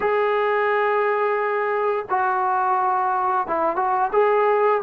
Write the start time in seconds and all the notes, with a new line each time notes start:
0.00 G#4
2.09 F#4
3.47 E4
3.76 F#4
4.12 G#4